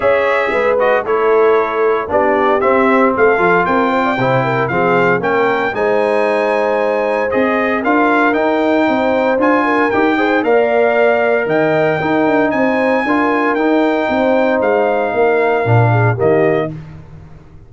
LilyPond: <<
  \new Staff \with { instrumentName = "trumpet" } { \time 4/4 \tempo 4 = 115 e''4. dis''8 cis''2 | d''4 e''4 f''4 g''4~ | g''4 f''4 g''4 gis''4~ | gis''2 dis''4 f''4 |
g''2 gis''4 g''4 | f''2 g''2 | gis''2 g''2 | f''2. dis''4 | }
  \new Staff \with { instrumentName = "horn" } { \time 4/4 cis''4 b'4 a'2 | g'2 a'4 ais'8 c''16 d''16 | c''8 ais'8 gis'4 ais'4 c''4~ | c''2. ais'4~ |
ais'4 c''4. ais'4 c''8 | d''2 dis''4 ais'4 | c''4 ais'2 c''4~ | c''4 ais'4. gis'8 g'4 | }
  \new Staff \with { instrumentName = "trombone" } { \time 4/4 gis'4. fis'8 e'2 | d'4 c'4. f'4. | e'4 c'4 cis'4 dis'4~ | dis'2 gis'4 f'4 |
dis'2 f'4 g'8 gis'8 | ais'2. dis'4~ | dis'4 f'4 dis'2~ | dis'2 d'4 ais4 | }
  \new Staff \with { instrumentName = "tuba" } { \time 4/4 cis'4 gis4 a2 | b4 c'4 a8 f8 c'4 | c4 f4 ais4 gis4~ | gis2 c'4 d'4 |
dis'4 c'4 d'4 dis'4 | ais2 dis4 dis'8 d'8 | c'4 d'4 dis'4 c'4 | gis4 ais4 ais,4 dis4 | }
>>